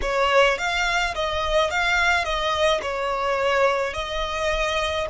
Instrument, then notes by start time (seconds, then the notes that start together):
violin
0.01 C#5
0.58 F5
1.14 D#5
1.70 F5
2.24 D#5
2.81 C#5
3.93 D#5